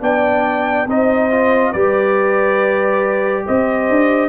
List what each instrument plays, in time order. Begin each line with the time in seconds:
0.00 tuba B3, trombone D4, horn D5, trumpet G5
0.86 tuba C4, trombone D#4, horn C5, trumpet D#5
1.31 trombone F4
1.71 tuba G3, trombone G4, horn B4, trumpet D5
3.46 tuba C4, horn C5, trumpet D#5
3.89 tuba D4